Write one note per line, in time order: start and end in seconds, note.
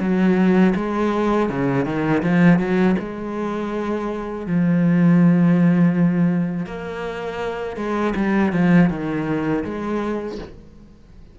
0.00 0.74 F#3
0.75 1.49 G#3
1.49 1.86 C#3
1.86 2.23 D#3
2.23 2.59 F3
2.59 2.96 F#3
2.99 4.47 G#3
4.47 6.67 F3
6.67 7.77 A#3
7.77 8.14 G#3
8.16 8.53 G3
8.53 8.90 F3
8.90 9.64 D#3
9.64 10.38 G#3